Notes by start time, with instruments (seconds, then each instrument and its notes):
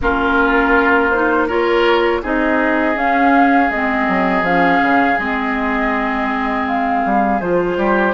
0.01 bassoon A#3, clarinet C#4, oboe F4, flute A#4
1.10 clarinet D#4, flute C5
1.47 clarinet F4, oboe A#4, flute C#5
2.22 bassoon C4, clarinet D#4, oboe G#4, flute D#5
2.95 clarinet C#4, bassoon C#4, flute F5
3.69 bassoon G#3, clarinet C4, flute D#5
4.08 bassoon F#3
4.42 bassoon F3, clarinet C#4, flute F5
4.82 bassoon C#3
5.18 bassoon G#3, clarinet C4, flute D#5
6.67 flute F5
7.05 bassoon G3
7.40 bassoon F3, clarinet F4, flute C5
7.76 bassoon G3, oboe G4